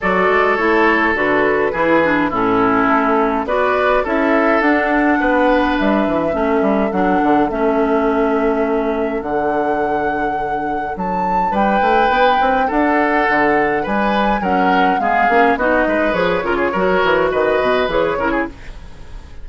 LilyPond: <<
  \new Staff \with { instrumentName = "flute" } { \time 4/4 \tempo 4 = 104 d''4 cis''4 b'2 | a'2 d''4 e''4 | fis''2 e''2 | fis''4 e''2. |
fis''2. a''4 | g''2 fis''2 | gis''4 fis''4 f''4 dis''4 | cis''2 dis''4 cis''4 | }
  \new Staff \with { instrumentName = "oboe" } { \time 4/4 a'2. gis'4 | e'2 b'4 a'4~ | a'4 b'2 a'4~ | a'1~ |
a'1 | b'2 a'2 | b'4 ais'4 gis'4 fis'8 b'8~ | b'8 ais'16 gis'16 ais'4 b'4. ais'16 gis'16 | }
  \new Staff \with { instrumentName = "clarinet" } { \time 4/4 fis'4 e'4 fis'4 e'8 d'8 | cis'2 fis'4 e'4 | d'2. cis'4 | d'4 cis'2. |
d'1~ | d'1~ | d'4 cis'4 b8 cis'8 dis'4 | gis'8 f'8 fis'2 gis'8 e'8 | }
  \new Staff \with { instrumentName = "bassoon" } { \time 4/4 fis8 gis8 a4 d4 e4 | a,4 a4 b4 cis'4 | d'4 b4 g8 e8 a8 g8 | fis8 d8 a2. |
d2. fis4 | g8 a8 b8 c'8 d'4 d4 | g4 fis4 gis8 ais8 b8 gis8 | f8 cis8 fis8 e8 dis8 b,8 e8 cis8 | }
>>